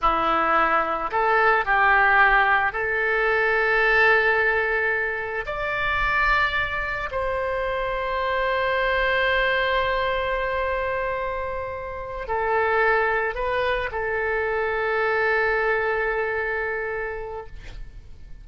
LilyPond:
\new Staff \with { instrumentName = "oboe" } { \time 4/4 \tempo 4 = 110 e'2 a'4 g'4~ | g'4 a'2.~ | a'2 d''2~ | d''4 c''2.~ |
c''1~ | c''2~ c''8 a'4.~ | a'8 b'4 a'2~ a'8~ | a'1 | }